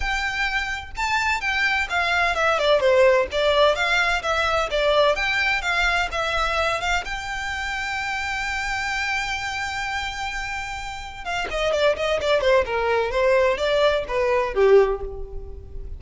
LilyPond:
\new Staff \with { instrumentName = "violin" } { \time 4/4 \tempo 4 = 128 g''2 a''4 g''4 | f''4 e''8 d''8 c''4 d''4 | f''4 e''4 d''4 g''4 | f''4 e''4. f''8 g''4~ |
g''1~ | g''1 | f''8 dis''8 d''8 dis''8 d''8 c''8 ais'4 | c''4 d''4 b'4 g'4 | }